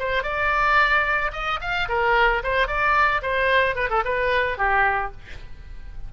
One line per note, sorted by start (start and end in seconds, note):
0.00 0.24 C5
0.24 1.32 D5
1.33 1.60 D#5
1.62 1.89 F5
1.89 2.43 A#4
2.44 2.68 C5
2.68 3.22 D5
3.23 3.76 C5
3.76 3.89 B4
3.90 4.04 A4
4.05 4.58 B4
4.58 5.12 G4